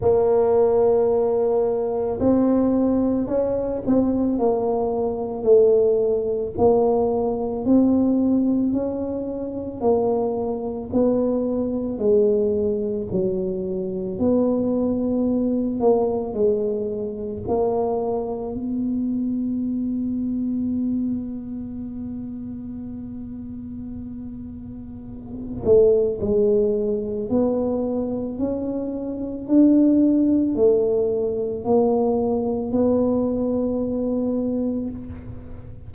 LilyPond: \new Staff \with { instrumentName = "tuba" } { \time 4/4 \tempo 4 = 55 ais2 c'4 cis'8 c'8 | ais4 a4 ais4 c'4 | cis'4 ais4 b4 gis4 | fis4 b4. ais8 gis4 |
ais4 b2.~ | b2.~ b8 a8 | gis4 b4 cis'4 d'4 | a4 ais4 b2 | }